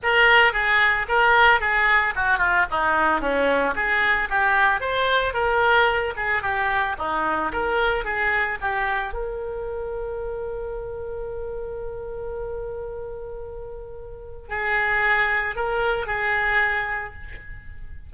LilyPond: \new Staff \with { instrumentName = "oboe" } { \time 4/4 \tempo 4 = 112 ais'4 gis'4 ais'4 gis'4 | fis'8 f'8 dis'4 cis'4 gis'4 | g'4 c''4 ais'4. gis'8 | g'4 dis'4 ais'4 gis'4 |
g'4 ais'2.~ | ais'1~ | ais'2. gis'4~ | gis'4 ais'4 gis'2 | }